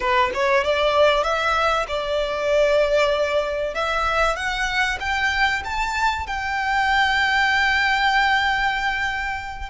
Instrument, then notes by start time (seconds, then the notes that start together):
violin
0.00 B4
0.34 C#5
0.63 D5
1.23 E5
1.88 D5
3.74 E5
4.36 F#5
5.00 G5
5.64 A5
6.26 G5